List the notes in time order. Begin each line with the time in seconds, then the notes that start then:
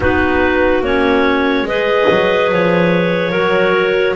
0.00 B3 D#4 F#4 B4
0.80 A#3 C#4 C#5
1.62 G#3 B4 D#5
1.69 G#4
2.10 F#3
2.51 F3 C#5
3.31 F#3 F#4 A#4